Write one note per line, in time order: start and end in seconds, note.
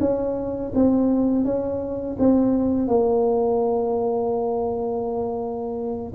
0.00 0.72 C#4
0.75 1.45 C4
1.45 2.17 C#4
2.19 2.88 C4
2.88 6.13 A#3